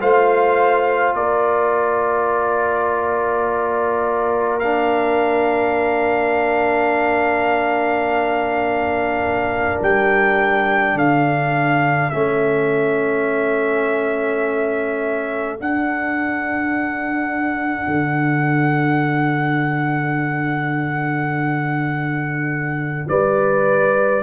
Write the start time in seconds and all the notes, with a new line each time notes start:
0.00 A3 F4 C5 F5
1.14 A#3 A#4 D5
4.60 D4 F5
9.81 G3 G5
10.94 D3 A4 F5
12.10 A3 C#4 E5
15.59 D4 F#5
17.87 D3
23.09 G3 B4 D5